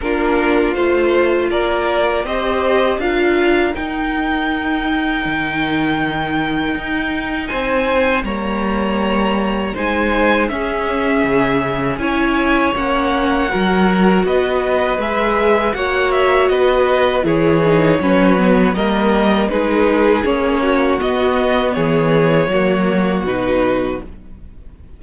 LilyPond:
<<
  \new Staff \with { instrumentName = "violin" } { \time 4/4 \tempo 4 = 80 ais'4 c''4 d''4 dis''4 | f''4 g''2.~ | g''2 gis''4 ais''4~ | ais''4 gis''4 e''2 |
gis''4 fis''2 dis''4 | e''4 fis''8 e''8 dis''4 cis''4~ | cis''4 dis''4 b'4 cis''4 | dis''4 cis''2 b'4 | }
  \new Staff \with { instrumentName = "violin" } { \time 4/4 f'2 ais'4 c''4 | ais'1~ | ais'2 c''4 cis''4~ | cis''4 c''4 gis'2 |
cis''2 ais'4 b'4~ | b'4 cis''4 b'4 gis'4 | b'4 ais'4 gis'4. fis'8~ | fis'4 gis'4 fis'2 | }
  \new Staff \with { instrumentName = "viola" } { \time 4/4 d'4 f'2 g'4 | f'4 dis'2.~ | dis'2. ais4~ | ais4 dis'4 cis'2 |
e'4 cis'4 fis'2 | gis'4 fis'2 e'8 dis'8 | cis'8 b8 ais4 dis'4 cis'4 | b2 ais4 dis'4 | }
  \new Staff \with { instrumentName = "cello" } { \time 4/4 ais4 a4 ais4 c'4 | d'4 dis'2 dis4~ | dis4 dis'4 c'4 g4~ | g4 gis4 cis'4 cis4 |
cis'4 ais4 fis4 b4 | gis4 ais4 b4 e4 | fis4 g4 gis4 ais4 | b4 e4 fis4 b,4 | }
>>